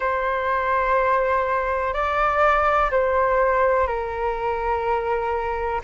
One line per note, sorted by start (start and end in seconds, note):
0.00 1.93 C5
1.93 2.90 D5
2.90 3.87 C5
3.87 5.81 A#4